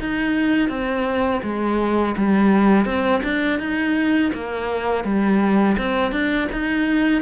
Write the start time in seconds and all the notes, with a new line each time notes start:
0.00 D#4
0.69 C4
1.43 G#3
2.17 G3
2.86 C4
3.23 D4
3.59 D#4
4.34 A#3
5.04 G3
5.78 C4
6.12 D4
6.52 D#4